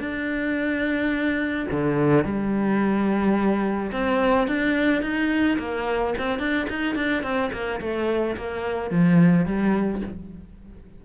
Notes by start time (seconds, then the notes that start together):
0.00 D4
1.71 D3
2.25 G3
3.92 C4
4.47 D4
5.03 D#4
5.59 A#3
6.18 C4
6.39 D4
6.69 D#4
6.96 D4
7.23 C4
7.53 A#3
7.81 A3
8.37 A#3
8.91 F3
9.46 G3